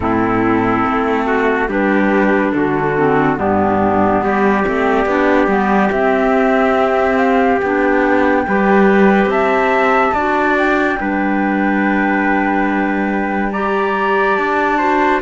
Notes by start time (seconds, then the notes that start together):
0.00 A2 C4 E4 A4
0.85 A3
1.26 F#4
1.68 G3 D4 G4 B4
2.52 D3 F#4 A4
2.97 C4
3.36 G2 B3 D4 G4
4.21 G3 G4 D5
4.64 A3 C4
5.05 B3 D4
5.47 G3 B3
5.91 C4 E5
7.17 F5
7.60 B3 D4 G5
8.47 G3 G4 B4
9.25 C4 E5 A5
10.13 D4 F#4 D5
10.57 G5
10.98 G3 D4 B4
13.51 G4 D5 A#5
14.35 D4 A5
14.78 F#4 C5